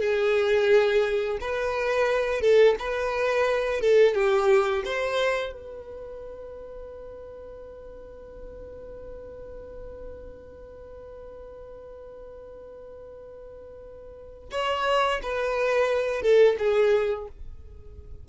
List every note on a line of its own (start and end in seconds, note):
0.00 1.38 G#4
1.40 2.41 B4
2.41 2.75 A4
2.79 3.81 B4
3.81 4.14 A4
4.14 4.83 G4
4.85 5.52 C5
5.52 14.49 B4
14.51 15.20 C#5
15.22 16.22 B4
16.22 16.56 A4
16.58 17.27 G#4